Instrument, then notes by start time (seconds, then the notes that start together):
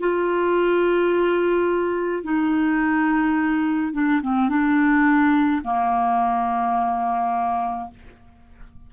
clarinet
0.00 F4
2.24 D#4
3.94 D4
4.22 C4
4.49 D4
5.64 A#3